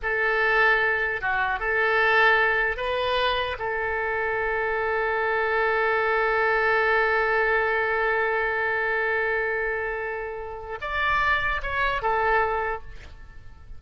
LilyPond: \new Staff \with { instrumentName = "oboe" } { \time 4/4 \tempo 4 = 150 a'2. fis'4 | a'2. b'4~ | b'4 a'2.~ | a'1~ |
a'1~ | a'1~ | a'2. d''4~ | d''4 cis''4 a'2 | }